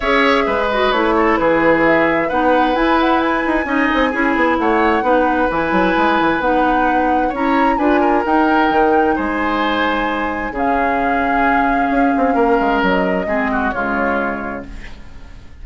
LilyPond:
<<
  \new Staff \with { instrumentName = "flute" } { \time 4/4 \tempo 4 = 131 e''4. dis''8 cis''4 b'4 | e''4 fis''4 gis''8 fis''8 gis''4~ | gis''2 fis''2 | gis''2 fis''2 |
ais''4 gis''4 g''2 | gis''2. f''4~ | f''1 | dis''2 cis''2 | }
  \new Staff \with { instrumentName = "oboe" } { \time 4/4 cis''4 b'4. a'8 gis'4~ | gis'4 b'2. | dis''4 gis'4 cis''4 b'4~ | b'1 |
cis''4 b'8 ais'2~ ais'8 | c''2. gis'4~ | gis'2. ais'4~ | ais'4 gis'8 fis'8 f'2 | }
  \new Staff \with { instrumentName = "clarinet" } { \time 4/4 gis'4. fis'8 e'2~ | e'4 dis'4 e'2 | dis'4 e'2 dis'4 | e'2 dis'2 |
e'4 f'4 dis'2~ | dis'2. cis'4~ | cis'1~ | cis'4 c'4 gis2 | }
  \new Staff \with { instrumentName = "bassoon" } { \time 4/4 cis'4 gis4 a4 e4~ | e4 b4 e'4. dis'8 | cis'8 c'8 cis'8 b8 a4 b4 | e8 fis8 gis8 e8 b2 |
cis'4 d'4 dis'4 dis4 | gis2. cis4~ | cis2 cis'8 c'8 ais8 gis8 | fis4 gis4 cis2 | }
>>